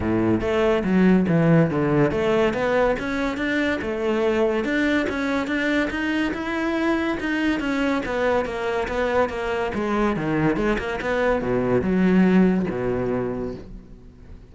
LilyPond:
\new Staff \with { instrumentName = "cello" } { \time 4/4 \tempo 4 = 142 a,4 a4 fis4 e4 | d4 a4 b4 cis'4 | d'4 a2 d'4 | cis'4 d'4 dis'4 e'4~ |
e'4 dis'4 cis'4 b4 | ais4 b4 ais4 gis4 | dis4 gis8 ais8 b4 b,4 | fis2 b,2 | }